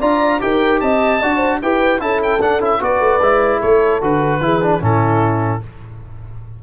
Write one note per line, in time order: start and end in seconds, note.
0.00 0.41 D4
0.00 0.40 F4
0.00 0.40 D5
0.00 0.41 A#5
0.40 0.81 D#4
0.40 1.20 G4
0.40 0.82 A#4
0.40 0.80 G5
0.80 1.21 C4
0.80 1.20 D#5
0.80 1.60 A5
1.20 1.62 D4
1.20 1.62 F#4
1.20 1.37 D5
1.37 1.57 C5
1.62 2.01 E4
1.62 1.99 G4
1.62 2.02 B4
1.62 2.01 G5
1.99 2.41 C#4
1.99 2.39 E4
1.99 2.80 A4
1.99 2.21 A5
2.23 2.41 G5
2.41 2.60 D4
2.41 2.61 F#5
2.60 2.80 C#4
2.60 2.80 E4
2.60 2.83 E5
2.80 3.00 B3
2.80 3.20 F#4
2.80 3.60 B4
2.80 3.61 D5
3.00 3.20 A3
3.20 3.60 G#3
3.20 4.01 E4
3.60 4.02 A3
3.60 4.40 A4
3.60 4.01 C#5
4.01 4.40 D3
4.01 4.41 F#4
4.01 4.83 B4
4.40 4.80 E3
4.40 4.61 E4
4.40 4.81 G#4
4.62 4.80 D4
4.80 5.61 A2
4.80 5.60 C#4
4.80 5.61 E4
4.80 5.63 A4